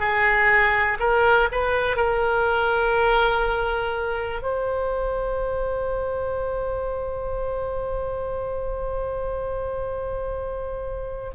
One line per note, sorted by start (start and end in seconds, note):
0.00 0.98 G#4
1.00 1.49 A#4
1.52 1.97 B4
1.97 4.43 A#4
4.43 11.31 C5